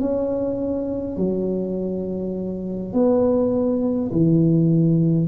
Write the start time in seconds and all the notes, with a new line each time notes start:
0.00 C#4
1.17 F#3
2.93 B3
4.12 E3